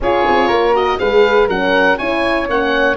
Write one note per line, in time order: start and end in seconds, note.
0.00 0.25 C#4
0.00 0.73 F4
0.00 0.47 G#4
0.00 0.75 C#5
0.28 0.48 C4
0.47 0.98 A#3
0.47 0.97 A#4
0.73 0.98 F#4
0.73 0.98 D#5
0.98 1.48 G#3
0.98 1.48 G#4
0.98 1.47 B4
0.98 1.48 F5
1.47 1.97 F#3
1.47 1.98 C#4
1.47 1.97 A#4
1.47 1.98 F#5
1.98 2.48 C#4
1.98 2.47 E4
1.98 2.96 C#5
1.98 2.47 G#5
2.48 2.96 A#3
2.48 2.96 C#4
2.48 2.96 F#5